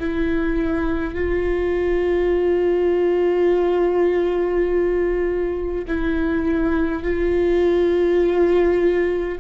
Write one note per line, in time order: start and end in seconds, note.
0.00 1.15 E4
1.15 5.86 F4
5.88 7.04 E4
7.04 9.39 F4